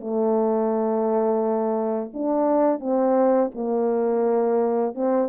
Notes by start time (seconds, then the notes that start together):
0.00 A3
2.14 D4
2.80 C4
3.54 A#3
4.94 C4